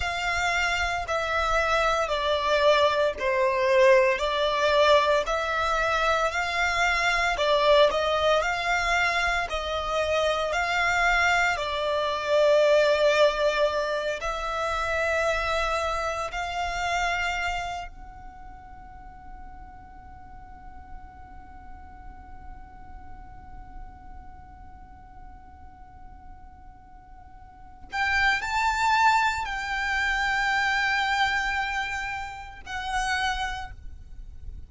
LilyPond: \new Staff \with { instrumentName = "violin" } { \time 4/4 \tempo 4 = 57 f''4 e''4 d''4 c''4 | d''4 e''4 f''4 d''8 dis''8 | f''4 dis''4 f''4 d''4~ | d''4. e''2 f''8~ |
f''4 fis''2.~ | fis''1~ | fis''2~ fis''8 g''8 a''4 | g''2. fis''4 | }